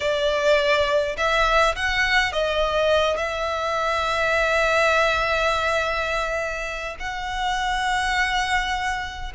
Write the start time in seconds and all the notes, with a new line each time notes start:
0.00 D5
1.17 E5
1.75 F#5
2.32 D#5
3.17 E5
6.99 F#5